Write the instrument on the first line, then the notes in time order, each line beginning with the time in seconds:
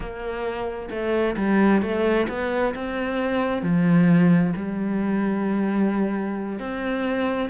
cello
0.00 A#3
0.90 A3
1.36 G3
1.81 A3
2.29 B3
2.74 C4
3.62 F3
4.56 G3
6.59 C4